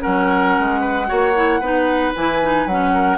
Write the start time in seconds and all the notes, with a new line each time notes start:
0.00 C#4 A#4 F#5
0.06 F#3
0.59 G#3
0.81 B4
1.07 A#3 F#4 C#5
1.36 E4
1.61 B3 D#4 B4
2.16 E3 E4 G#5
2.42 D#4
2.66 F#3 C#4 F#5
2.94 A#4